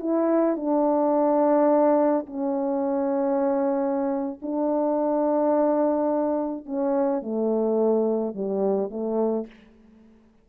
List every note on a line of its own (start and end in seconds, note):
0.00 0.57 E4
0.57 2.26 D4
2.27 4.39 C#4
4.43 6.66 D4
6.66 7.22 C#4
7.22 8.35 A3
8.35 8.90 G3
8.90 9.47 A3